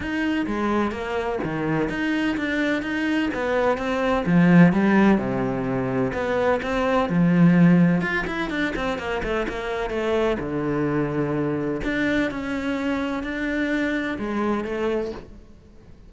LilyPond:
\new Staff \with { instrumentName = "cello" } { \time 4/4 \tempo 4 = 127 dis'4 gis4 ais4 dis4 | dis'4 d'4 dis'4 b4 | c'4 f4 g4 c4~ | c4 b4 c'4 f4~ |
f4 f'8 e'8 d'8 c'8 ais8 a8 | ais4 a4 d2~ | d4 d'4 cis'2 | d'2 gis4 a4 | }